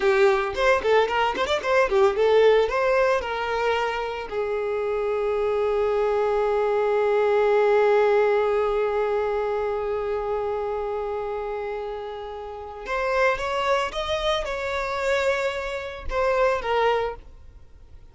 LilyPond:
\new Staff \with { instrumentName = "violin" } { \time 4/4 \tempo 4 = 112 g'4 c''8 a'8 ais'8 c''16 d''16 c''8 g'8 | a'4 c''4 ais'2 | gis'1~ | gis'1~ |
gis'1~ | gis'1 | c''4 cis''4 dis''4 cis''4~ | cis''2 c''4 ais'4 | }